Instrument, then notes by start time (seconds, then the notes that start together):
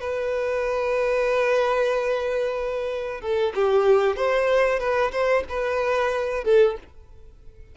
violin
0.00 B4
3.21 A4
3.55 G4
4.16 C5
4.79 B4
5.11 C5
5.49 B4
6.44 A4